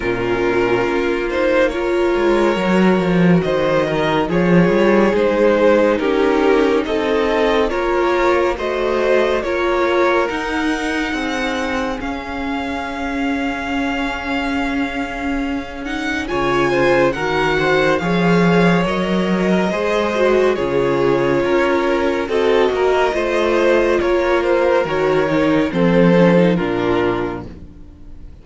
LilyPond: <<
  \new Staff \with { instrumentName = "violin" } { \time 4/4 \tempo 4 = 70 ais'4. c''8 cis''2 | dis''4 cis''4 c''4 ais'4 | dis''4 cis''4 dis''4 cis''4 | fis''2 f''2~ |
f''2~ f''8 fis''8 gis''4 | fis''4 f''4 dis''2 | cis''2 dis''2 | cis''8 c''8 cis''4 c''4 ais'4 | }
  \new Staff \with { instrumentName = "violin" } { \time 4/4 f'2 ais'2 | c''8 ais'8 gis'2 g'4 | a'4 ais'4 c''4 ais'4~ | ais'4 gis'2.~ |
gis'2. cis''8 c''8 | ais'8 c''8 cis''4.~ cis''16 ais'16 c''4 | gis'4 ais'4 a'8 ais'8 c''4 | ais'2 a'4 f'4 | }
  \new Staff \with { instrumentName = "viola" } { \time 4/4 cis'4. dis'8 f'4 fis'4~ | fis'4 f'4 dis'2~ | dis'4 f'4 fis'4 f'4 | dis'2 cis'2~ |
cis'2~ cis'8 dis'8 f'4 | fis'4 gis'4 ais'4 gis'8 fis'8 | f'2 fis'4 f'4~ | f'4 fis'8 dis'8 c'8 cis'16 dis'16 d'4 | }
  \new Staff \with { instrumentName = "cello" } { \time 4/4 ais,4 ais4. gis8 fis8 f8 | dis4 f8 g8 gis4 cis'4 | c'4 ais4 a4 ais4 | dis'4 c'4 cis'2~ |
cis'2. cis4 | dis4 f4 fis4 gis4 | cis4 cis'4 c'8 ais8 a4 | ais4 dis4 f4 ais,4 | }
>>